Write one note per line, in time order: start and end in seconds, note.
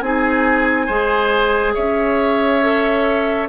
0.00 0.88 C4
0.00 0.89 D#4
0.00 0.86 G#4
0.00 1.74 G#5
0.86 1.75 G#3
0.86 2.62 G#4
0.86 1.73 C5
1.74 3.49 C#4
1.74 3.48 C#5
1.74 3.48 E5
2.62 3.49 A4